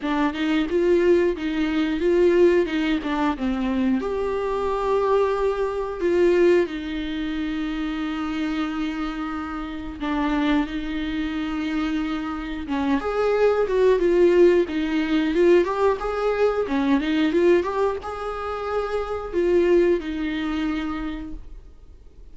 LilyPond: \new Staff \with { instrumentName = "viola" } { \time 4/4 \tempo 4 = 90 d'8 dis'8 f'4 dis'4 f'4 | dis'8 d'8 c'4 g'2~ | g'4 f'4 dis'2~ | dis'2. d'4 |
dis'2. cis'8 gis'8~ | gis'8 fis'8 f'4 dis'4 f'8 g'8 | gis'4 cis'8 dis'8 f'8 g'8 gis'4~ | gis'4 f'4 dis'2 | }